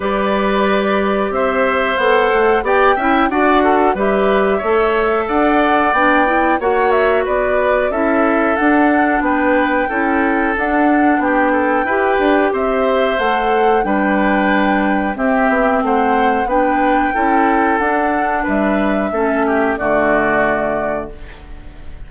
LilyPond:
<<
  \new Staff \with { instrumentName = "flute" } { \time 4/4 \tempo 4 = 91 d''2 e''4 fis''4 | g''4 fis''4 e''2 | fis''4 g''4 fis''8 e''8 d''4 | e''4 fis''4 g''2 |
fis''4 g''2 e''4 | fis''4 g''2 e''4 | fis''4 g''2 fis''4 | e''2 d''2 | }
  \new Staff \with { instrumentName = "oboe" } { \time 4/4 b'2 c''2 | d''8 e''8 d''8 a'8 b'4 cis''4 | d''2 cis''4 b'4 | a'2 b'4 a'4~ |
a'4 g'8 a'8 b'4 c''4~ | c''4 b'2 g'4 | c''4 b'4 a'2 | b'4 a'8 g'8 fis'2 | }
  \new Staff \with { instrumentName = "clarinet" } { \time 4/4 g'2. a'4 | g'8 e'8 fis'4 g'4 a'4~ | a'4 d'8 e'8 fis'2 | e'4 d'2 e'4 |
d'2 g'2 | a'4 d'2 c'4~ | c'4 d'4 e'4 d'4~ | d'4 cis'4 a2 | }
  \new Staff \with { instrumentName = "bassoon" } { \time 4/4 g2 c'4 b8 a8 | b8 cis'8 d'4 g4 a4 | d'4 b4 ais4 b4 | cis'4 d'4 b4 cis'4 |
d'4 b4 e'8 d'8 c'4 | a4 g2 c'8 b8 | a4 b4 cis'4 d'4 | g4 a4 d2 | }
>>